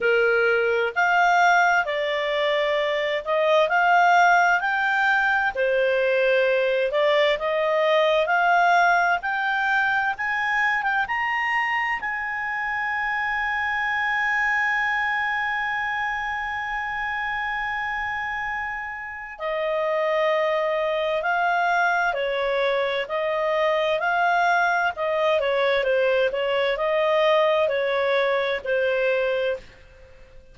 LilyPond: \new Staff \with { instrumentName = "clarinet" } { \time 4/4 \tempo 4 = 65 ais'4 f''4 d''4. dis''8 | f''4 g''4 c''4. d''8 | dis''4 f''4 g''4 gis''8. g''16 | ais''4 gis''2.~ |
gis''1~ | gis''4 dis''2 f''4 | cis''4 dis''4 f''4 dis''8 cis''8 | c''8 cis''8 dis''4 cis''4 c''4 | }